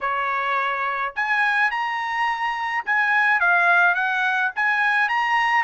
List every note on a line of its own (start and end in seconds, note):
0.01 1.14 C#5
1.15 1.70 G#5
1.70 2.84 A#5
2.85 3.40 G#5
3.40 3.94 F5
3.94 4.51 F#5
4.55 5.08 G#5
5.08 5.63 A#5